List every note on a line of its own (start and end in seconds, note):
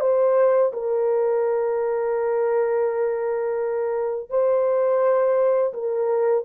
0.00 0.71 C5
0.73 4.30 A#4
4.30 5.73 C5
5.73 6.44 A#4